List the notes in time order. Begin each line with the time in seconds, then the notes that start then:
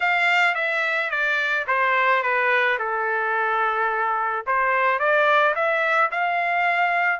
0.00 F5
0.55 E5
1.10 D5
1.67 C5
2.22 B4
2.79 A4
4.46 C5
4.98 D5
5.55 E5
6.11 F5